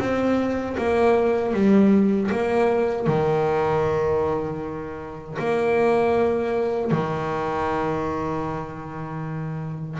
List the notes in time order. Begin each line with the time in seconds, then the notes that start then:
0.00 C4
0.78 A#3
1.54 G3
2.31 A#3
3.07 D#3
5.39 A#3
6.92 D#3